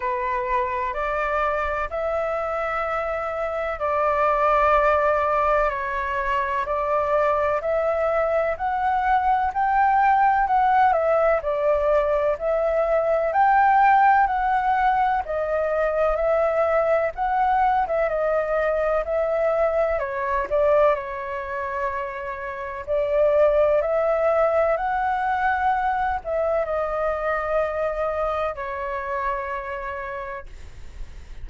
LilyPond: \new Staff \with { instrumentName = "flute" } { \time 4/4 \tempo 4 = 63 b'4 d''4 e''2 | d''2 cis''4 d''4 | e''4 fis''4 g''4 fis''8 e''8 | d''4 e''4 g''4 fis''4 |
dis''4 e''4 fis''8. e''16 dis''4 | e''4 cis''8 d''8 cis''2 | d''4 e''4 fis''4. e''8 | dis''2 cis''2 | }